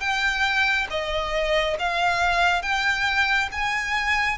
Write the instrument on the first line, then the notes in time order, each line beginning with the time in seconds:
violin
0.00 G5
0.90 D#5
1.79 F5
2.62 G5
3.52 G#5